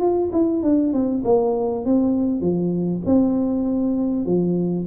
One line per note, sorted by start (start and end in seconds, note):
0.00 0.30 F4
0.32 0.63 E4
0.63 0.93 D4
0.93 1.23 C4
1.24 1.85 A#3
1.85 2.41 C4
2.41 3.01 F3
3.06 4.26 C4
4.26 4.86 F3